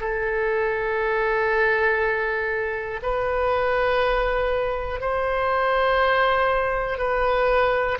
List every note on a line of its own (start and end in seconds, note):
0.00 3.00 A4
3.02 5.00 B4
5.00 6.98 C5
6.98 7.98 B4